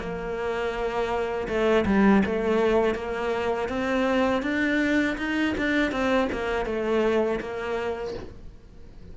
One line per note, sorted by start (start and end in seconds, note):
0.00 1.48 A#3
1.48 1.86 A3
1.86 2.23 G3
2.26 2.95 A3
2.95 3.69 A#3
3.69 4.43 C4
4.43 5.17 D4
5.18 5.55 D#4
5.58 5.92 D4
5.92 6.29 C4
6.33 6.66 A#3
6.66 7.40 A3
7.41 8.15 A#3